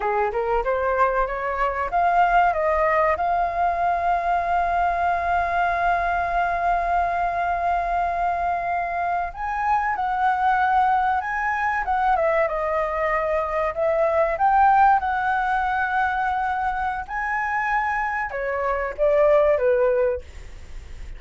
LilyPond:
\new Staff \with { instrumentName = "flute" } { \time 4/4 \tempo 4 = 95 gis'8 ais'8 c''4 cis''4 f''4 | dis''4 f''2.~ | f''1~ | f''2~ f''8. gis''4 fis''16~ |
fis''4.~ fis''16 gis''4 fis''8 e''8 dis''16~ | dis''4.~ dis''16 e''4 g''4 fis''16~ | fis''2. gis''4~ | gis''4 cis''4 d''4 b'4 | }